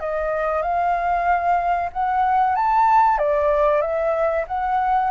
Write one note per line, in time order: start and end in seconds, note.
0.00 0.63 D#5
0.63 1.90 F5
1.93 2.56 F#5
2.56 3.19 A5
3.19 3.82 D5
3.82 4.46 E5
4.48 5.11 F#5